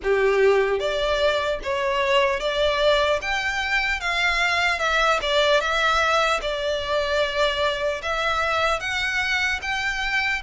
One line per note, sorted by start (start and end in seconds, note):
0.03 0.79 G4
0.79 1.59 D5
1.63 2.40 C#5
2.40 3.20 D5
3.21 4.00 G5
4.00 4.79 F5
4.79 5.19 E5
5.21 5.60 D5
5.60 6.40 E5
6.41 8.01 D5
8.02 8.80 E5
8.80 9.60 F#5
9.61 10.41 G5